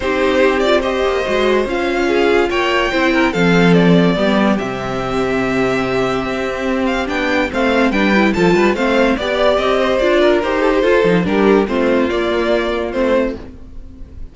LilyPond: <<
  \new Staff \with { instrumentName = "violin" } { \time 4/4 \tempo 4 = 144 c''4. d''8 dis''2 | f''2 g''2 | f''4 d''2 e''4~ | e''1~ |
e''8 f''8 g''4 f''4 g''4 | a''4 f''4 d''4 dis''4 | d''4 c''2 ais'4 | c''4 d''2 c''4 | }
  \new Staff \with { instrumentName = "violin" } { \time 4/4 g'2 c''2~ | c''4 gis'4 cis''4 c''8 ais'8 | a'2 g'2~ | g'1~ |
g'2 c''4 b'4 | a'8 b'8 c''4 d''4. c''8~ | c''8 ais'4 a'16 g'16 a'4 g'4 | f'1 | }
  \new Staff \with { instrumentName = "viola" } { \time 4/4 dis'4. f'8 g'4 fis'4 | f'2. e'4 | c'2 b4 c'4~ | c'1~ |
c'4 d'4 c'4 d'8 e'8 | f'4 c'4 g'2 | f'4 g'4 f'8 dis'8 d'4 | c'4 ais2 c'4 | }
  \new Staff \with { instrumentName = "cello" } { \time 4/4 c'2~ c'8 ais8 gis4 | cis'2 ais4 c'4 | f2 g4 c4~ | c2. c'4~ |
c'4 b4 a4 g4 | f8 g8 a4 b4 c'4 | d'4 dis'4 f'8 f8 g4 | a4 ais2 a4 | }
>>